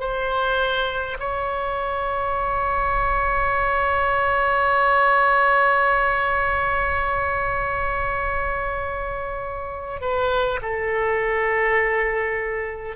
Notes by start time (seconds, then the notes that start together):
0.00 C5
1.19 C#5
10.01 B4
10.62 A4